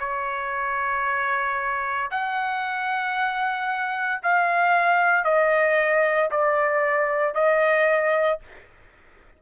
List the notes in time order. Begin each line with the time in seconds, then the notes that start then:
0.00 C#5
2.11 F#5
4.23 F5
5.25 D#5
6.31 D5
7.34 D#5